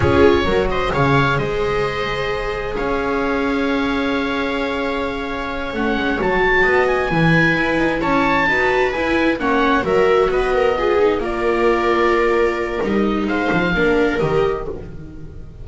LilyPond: <<
  \new Staff \with { instrumentName = "oboe" } { \time 4/4 \tempo 4 = 131 cis''4. dis''8 f''4 dis''4~ | dis''2 f''2~ | f''1~ | f''8 fis''4 a''4. gis''4~ |
gis''4. a''2 gis''8~ | gis''8 fis''4 e''4 dis''4.~ | dis''8 d''2.~ d''8 | dis''4 f''2 dis''4 | }
  \new Staff \with { instrumentName = "viola" } { \time 4/4 gis'4 ais'8 c''8 cis''4 c''4~ | c''2 cis''2~ | cis''1~ | cis''2~ cis''8 dis''4 b'8~ |
b'4. cis''4 b'4.~ | b'8 cis''4 ais'4 b'8 ais'8 gis'8~ | gis'8 ais'2.~ ais'8~ | ais'4 c''4 ais'2 | }
  \new Staff \with { instrumentName = "viola" } { \time 4/4 f'4 fis'4 gis'2~ | gis'1~ | gis'1~ | gis'8 cis'4 fis'2 e'8~ |
e'2~ e'8 fis'4 e'8~ | e'8 cis'4 fis'2 f'8 | dis'8 f'2.~ f'8 | dis'2 d'4 g'4 | }
  \new Staff \with { instrumentName = "double bass" } { \time 4/4 cis'4 fis4 cis4 gis4~ | gis2 cis'2~ | cis'1~ | cis'8 a8 gis8 fis4 b4 e8~ |
e8 e'8 dis'8 cis'4 dis'4 e'8~ | e'8 ais4 fis4 b4.~ | b8 ais2.~ ais8 | g4 gis8 f8 ais4 dis4 | }
>>